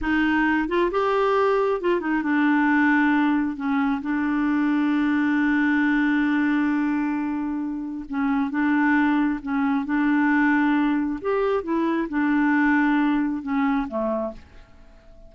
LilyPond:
\new Staff \with { instrumentName = "clarinet" } { \time 4/4 \tempo 4 = 134 dis'4. f'8 g'2 | f'8 dis'8 d'2. | cis'4 d'2.~ | d'1~ |
d'2 cis'4 d'4~ | d'4 cis'4 d'2~ | d'4 g'4 e'4 d'4~ | d'2 cis'4 a4 | }